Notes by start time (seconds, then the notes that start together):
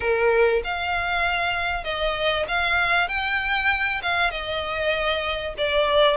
0.00 A#4
0.64 F5
1.84 D#5
2.48 F5
3.08 G5
4.02 F5
4.30 D#5
5.57 D5